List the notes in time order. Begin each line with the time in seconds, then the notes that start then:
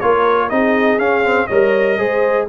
0.00 A#3 F4 A#4 C#5
0.49 C4 D#4 G#4 D#5
0.98 C#4 F5
1.24 C4
1.47 G3 A#4 C#5 D#5
1.98 G#3 G#4 C5